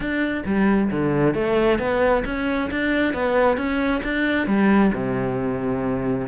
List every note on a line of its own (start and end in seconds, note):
0.00 0.43 D4
0.45 0.90 G3
0.91 1.34 D3
1.34 1.78 A3
1.78 2.23 B3
2.25 2.70 C#4
2.70 3.13 D4
3.13 3.57 B3
3.57 4.01 C#4
4.03 4.46 D4
4.46 4.91 G3
4.93 6.27 C3